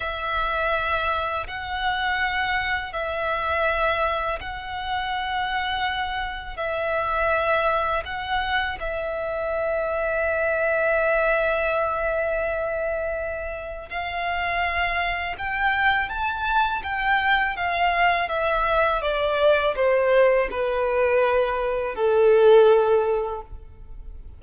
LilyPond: \new Staff \with { instrumentName = "violin" } { \time 4/4 \tempo 4 = 82 e''2 fis''2 | e''2 fis''2~ | fis''4 e''2 fis''4 | e''1~ |
e''2. f''4~ | f''4 g''4 a''4 g''4 | f''4 e''4 d''4 c''4 | b'2 a'2 | }